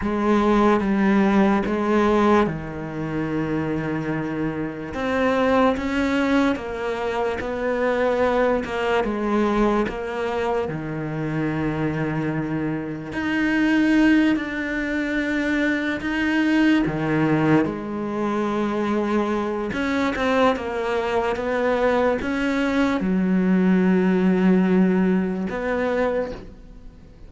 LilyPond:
\new Staff \with { instrumentName = "cello" } { \time 4/4 \tempo 4 = 73 gis4 g4 gis4 dis4~ | dis2 c'4 cis'4 | ais4 b4. ais8 gis4 | ais4 dis2. |
dis'4. d'2 dis'8~ | dis'8 dis4 gis2~ gis8 | cis'8 c'8 ais4 b4 cis'4 | fis2. b4 | }